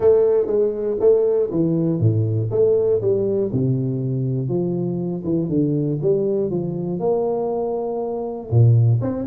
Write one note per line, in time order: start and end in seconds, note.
0.00 0.46 A3
0.46 0.96 G#3
1.00 1.50 A3
1.50 2.00 E3
2.00 2.50 A2
2.50 3.00 A3
3.01 3.51 G3
3.52 4.48 C3
4.48 5.23 F3
5.24 5.48 E3
5.48 5.98 D3
6.01 6.50 G3
6.50 6.99 F3
6.99 8.49 A#3
8.50 9.00 A#2
9.01 9.26 C4